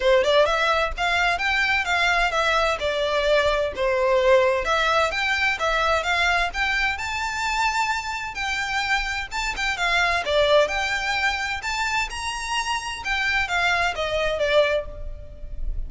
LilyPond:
\new Staff \with { instrumentName = "violin" } { \time 4/4 \tempo 4 = 129 c''8 d''8 e''4 f''4 g''4 | f''4 e''4 d''2 | c''2 e''4 g''4 | e''4 f''4 g''4 a''4~ |
a''2 g''2 | a''8 g''8 f''4 d''4 g''4~ | g''4 a''4 ais''2 | g''4 f''4 dis''4 d''4 | }